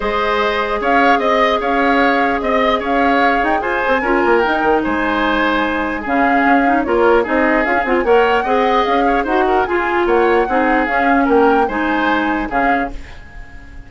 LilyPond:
<<
  \new Staff \with { instrumentName = "flute" } { \time 4/4 \tempo 4 = 149 dis''2 f''4 dis''4 | f''2 dis''4 f''4~ | f''8 g''8 gis''2 g''4 | gis''2. f''4~ |
f''4 cis''4 dis''4 f''8 fis''16 gis''16 | fis''2 f''4 fis''4 | gis''4 fis''2 f''4 | g''4 gis''2 f''4 | }
  \new Staff \with { instrumentName = "oboe" } { \time 4/4 c''2 cis''4 dis''4 | cis''2 dis''4 cis''4~ | cis''4 c''4 ais'2 | c''2. gis'4~ |
gis'4 ais'4 gis'2 | cis''4 dis''4. cis''8 c''8 ais'8 | gis'4 cis''4 gis'2 | ais'4 c''2 gis'4 | }
  \new Staff \with { instrumentName = "clarinet" } { \time 4/4 gis'1~ | gis'1~ | gis'2 f'4 dis'4~ | dis'2. cis'4~ |
cis'8 dis'8 f'4 dis'4 f'16 cis'16 f'8 | ais'4 gis'2 fis'4 | f'2 dis'4 cis'4~ | cis'4 dis'2 cis'4 | }
  \new Staff \with { instrumentName = "bassoon" } { \time 4/4 gis2 cis'4 c'4 | cis'2 c'4 cis'4~ | cis'8 dis'8 f'8 c'8 cis'8 ais8 dis'8 dis8 | gis2. cis4 |
cis'4 ais4 c'4 cis'8 c'8 | ais4 c'4 cis'4 dis'4 | f'4 ais4 c'4 cis'4 | ais4 gis2 cis4 | }
>>